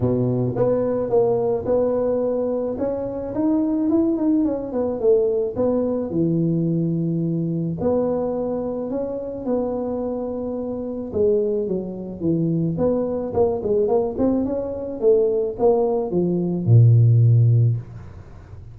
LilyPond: \new Staff \with { instrumentName = "tuba" } { \time 4/4 \tempo 4 = 108 b,4 b4 ais4 b4~ | b4 cis'4 dis'4 e'8 dis'8 | cis'8 b8 a4 b4 e4~ | e2 b2 |
cis'4 b2. | gis4 fis4 e4 b4 | ais8 gis8 ais8 c'8 cis'4 a4 | ais4 f4 ais,2 | }